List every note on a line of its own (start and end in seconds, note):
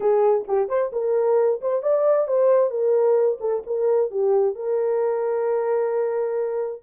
0.00 0.45 G#4
0.47 0.68 G4
0.68 0.91 C5
0.92 1.60 A#4
1.61 1.82 C5
1.82 2.27 D5
2.27 2.70 C5
2.70 3.38 A#4
3.40 3.63 A4
3.66 4.10 A#4
4.10 4.55 G4
4.55 6.82 A#4